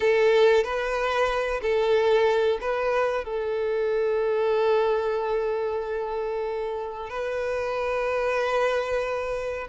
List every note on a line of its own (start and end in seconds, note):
0.00 0.64 A4
0.64 1.60 B4
1.62 2.58 A4
2.60 3.24 B4
3.24 7.09 A4
7.09 9.67 B4